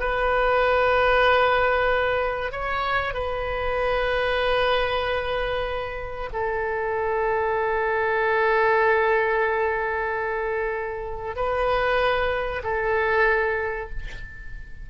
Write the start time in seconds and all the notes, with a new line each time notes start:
0.00 B4
2.52 C#5
3.14 B4
6.33 A4
11.36 B4
12.64 A4